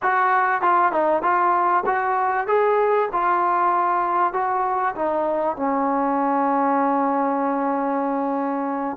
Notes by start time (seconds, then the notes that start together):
0.02 F#4
0.61 F4
0.91 D#4
1.22 F4
1.86 F#4
2.47 G#4
3.12 F4
4.33 F#4
4.95 D#4
5.56 C#4